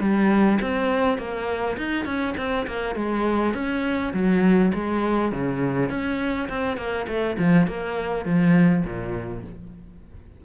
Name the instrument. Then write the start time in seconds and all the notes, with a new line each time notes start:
cello
0.00 G3
0.61 C4
1.18 A#3
1.77 D#4
2.05 C#4
2.37 C4
2.67 A#3
2.95 G#3
3.54 C#4
4.13 F#3
4.74 G#3
5.32 C#3
5.90 C#4
6.49 C4
6.77 A#3
7.07 A3
7.39 F3
7.67 A#3
8.25 F3
8.85 A#2